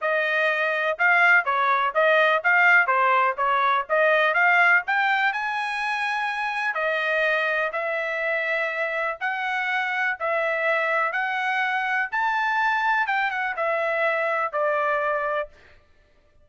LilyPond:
\new Staff \with { instrumentName = "trumpet" } { \time 4/4 \tempo 4 = 124 dis''2 f''4 cis''4 | dis''4 f''4 c''4 cis''4 | dis''4 f''4 g''4 gis''4~ | gis''2 dis''2 |
e''2. fis''4~ | fis''4 e''2 fis''4~ | fis''4 a''2 g''8 fis''8 | e''2 d''2 | }